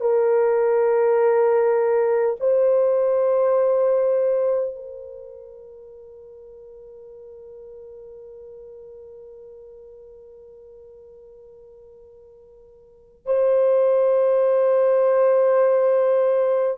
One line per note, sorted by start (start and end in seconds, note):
0.00 2.35 A#4
2.40 4.75 C5
4.75 13.26 A#4
13.26 16.78 C5